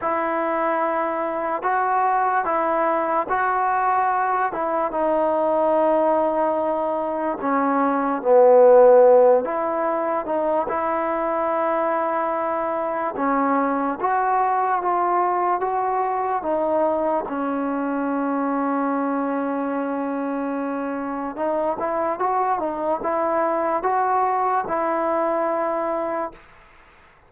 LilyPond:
\new Staff \with { instrumentName = "trombone" } { \time 4/4 \tempo 4 = 73 e'2 fis'4 e'4 | fis'4. e'8 dis'2~ | dis'4 cis'4 b4. e'8~ | e'8 dis'8 e'2. |
cis'4 fis'4 f'4 fis'4 | dis'4 cis'2.~ | cis'2 dis'8 e'8 fis'8 dis'8 | e'4 fis'4 e'2 | }